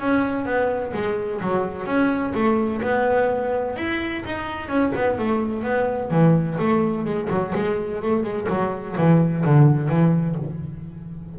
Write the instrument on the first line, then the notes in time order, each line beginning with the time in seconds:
double bass
0.00 C#4
0.46 B3
0.94 G#3
1.41 F#3
1.86 C#4
2.35 A3
2.82 B3
3.77 E4
4.26 D#4
4.69 C#4
4.96 B3
5.19 A3
5.64 B3
6.11 E3
6.60 A3
7.06 G#3
7.30 F#3
7.55 G#3
8.03 A3
8.24 G#3
8.49 F#3
8.98 E3
9.45 D3
9.89 E3